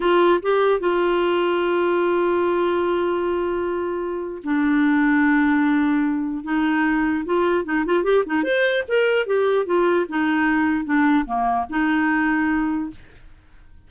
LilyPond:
\new Staff \with { instrumentName = "clarinet" } { \time 4/4 \tempo 4 = 149 f'4 g'4 f'2~ | f'1~ | f'2. d'4~ | d'1 |
dis'2 f'4 dis'8 f'8 | g'8 dis'8 c''4 ais'4 g'4 | f'4 dis'2 d'4 | ais4 dis'2. | }